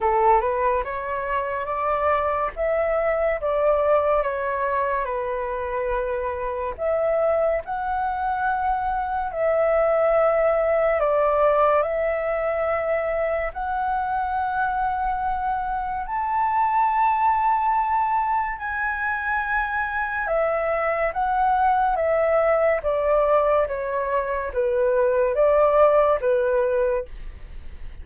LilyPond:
\new Staff \with { instrumentName = "flute" } { \time 4/4 \tempo 4 = 71 a'8 b'8 cis''4 d''4 e''4 | d''4 cis''4 b'2 | e''4 fis''2 e''4~ | e''4 d''4 e''2 |
fis''2. a''4~ | a''2 gis''2 | e''4 fis''4 e''4 d''4 | cis''4 b'4 d''4 b'4 | }